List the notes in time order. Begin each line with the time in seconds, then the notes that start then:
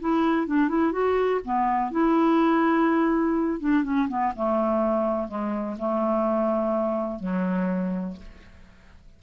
0.00 E4
0.47 D4
0.68 E4
0.92 F#4
1.44 B3
1.91 E4
3.60 D4
3.84 C#4
4.08 B3
4.35 A3
5.28 G#3
5.78 A3
7.20 F#3